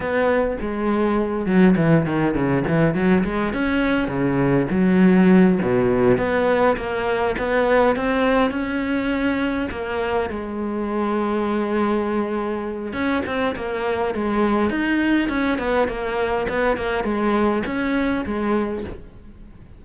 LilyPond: \new Staff \with { instrumentName = "cello" } { \time 4/4 \tempo 4 = 102 b4 gis4. fis8 e8 dis8 | cis8 e8 fis8 gis8 cis'4 cis4 | fis4. b,4 b4 ais8~ | ais8 b4 c'4 cis'4.~ |
cis'8 ais4 gis2~ gis8~ | gis2 cis'8 c'8 ais4 | gis4 dis'4 cis'8 b8 ais4 | b8 ais8 gis4 cis'4 gis4 | }